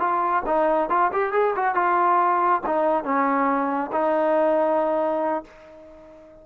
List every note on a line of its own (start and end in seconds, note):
0.00 0.43 F4
0.47 0.90 D#4
0.90 1.12 F4
1.13 1.33 G4
1.33 1.55 G#4
1.56 1.75 F#4
1.75 2.62 F4
2.66 3.04 D#4
3.04 3.91 C#4
3.92 5.45 D#4